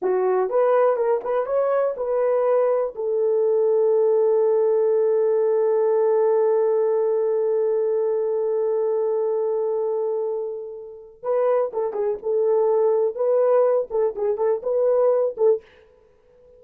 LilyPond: \new Staff \with { instrumentName = "horn" } { \time 4/4 \tempo 4 = 123 fis'4 b'4 ais'8 b'8 cis''4 | b'2 a'2~ | a'1~ | a'1~ |
a'1~ | a'2. b'4 | a'8 gis'8 a'2 b'4~ | b'8 a'8 gis'8 a'8 b'4. a'8 | }